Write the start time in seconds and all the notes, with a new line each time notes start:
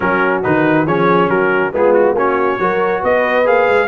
0.00 F#3 C#4 F#4 A#4
0.43 D#3 D#4 B4
0.86 F3 C#4 G#4 C#5
1.28 F#3 F#4 A#4
1.72 G#3 B3 F4 G#4
1.93 F#4
2.13 A#3 C#4 F#4 C#5
2.59 F#3 F#4 A#4
3.01 B3 B4 D#5
3.44 A#3 G#4 F5
3.68 G#3